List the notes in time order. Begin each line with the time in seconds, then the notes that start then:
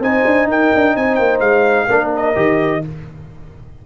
0.00 C4 D#4 C5 G#5
0.25 D4
0.47 D#4 A#4 G5
0.75 D4
0.96 C4 C5 G#5
1.15 A#3 G5
1.40 G#3 F5
1.87 A#3 D4 A#4
2.16 D#5
2.35 D#3 G4